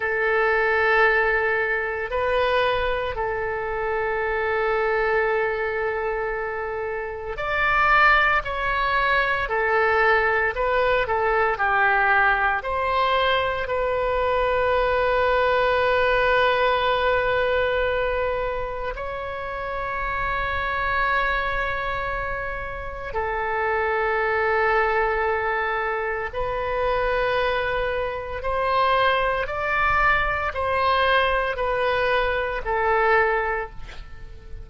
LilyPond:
\new Staff \with { instrumentName = "oboe" } { \time 4/4 \tempo 4 = 57 a'2 b'4 a'4~ | a'2. d''4 | cis''4 a'4 b'8 a'8 g'4 | c''4 b'2.~ |
b'2 cis''2~ | cis''2 a'2~ | a'4 b'2 c''4 | d''4 c''4 b'4 a'4 | }